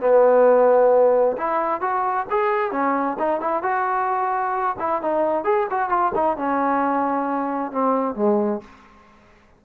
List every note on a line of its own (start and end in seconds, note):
0.00 1.36 B3
1.37 1.81 E4
1.81 2.26 F#4
2.30 2.71 G#4
2.71 3.17 C#4
3.19 3.40 D#4
3.40 3.62 E4
3.62 4.76 F#4
4.79 5.02 E4
5.02 5.44 D#4
5.44 5.67 G#4
5.70 5.89 F#4
5.89 6.12 F4
6.14 6.37 D#4
6.37 7.72 C#4
7.72 8.15 C4
8.15 8.61 G#3